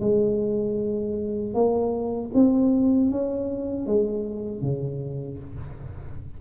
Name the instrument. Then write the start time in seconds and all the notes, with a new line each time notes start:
tuba
0.00 G#3
1.54 A#3
2.34 C4
3.11 C#4
3.86 G#3
4.62 C#3